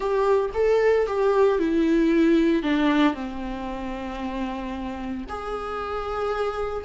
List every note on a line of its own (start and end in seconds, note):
0.00 0.50 G4
0.54 1.06 A4
1.06 1.58 G4
1.58 2.62 E4
2.62 3.14 D4
3.14 5.24 C4
5.28 6.84 G#4